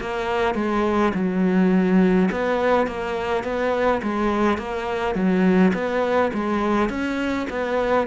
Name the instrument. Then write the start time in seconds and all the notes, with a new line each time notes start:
cello
0.00 A#3
0.55 G#3
1.14 F#3
2.31 B3
2.87 A#3
3.44 B3
4.02 G#3
4.58 A#3
5.15 F#3
5.74 B3
6.33 G#3
6.89 C#4
7.50 B3